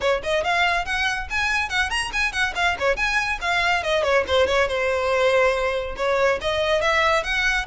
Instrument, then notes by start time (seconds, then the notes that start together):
violin
0.00 C#5
0.23 D#5
0.44 F5
0.85 F#5
1.29 G#5
1.69 F#5
1.90 A#5
2.13 G#5
2.32 F#5
2.55 F5
2.79 C#5
2.96 G#5
3.41 F5
3.83 D#5
4.03 C#5
4.27 C5
4.46 C#5
4.68 C5
5.96 C#5
6.41 D#5
6.81 E5
7.23 F#5